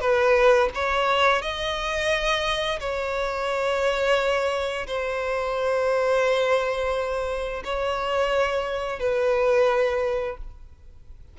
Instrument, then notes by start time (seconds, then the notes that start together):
violin
0.00 B4
0.75 C#5
1.42 D#5
2.80 C#5
4.87 C5
7.64 C#5
8.99 B4